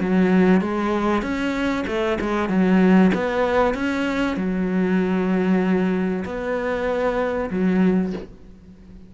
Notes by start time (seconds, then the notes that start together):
0.00 F#3
0.61 G#3
1.22 C#4
1.87 A3
2.20 G#3
2.49 F#3
3.14 B3
3.74 C#4
4.36 F#3
6.24 B3
7.50 F#3